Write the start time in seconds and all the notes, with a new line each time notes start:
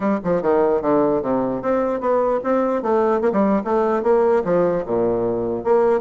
0.00 G3
0.23 F3
0.42 D#3
0.81 D3
1.22 C3
1.62 C4
2.00 B3
2.43 C4
2.82 A3
3.21 A#3
3.32 G3
3.64 A3
4.02 A#3
4.44 F3
4.85 A#2
5.64 A#3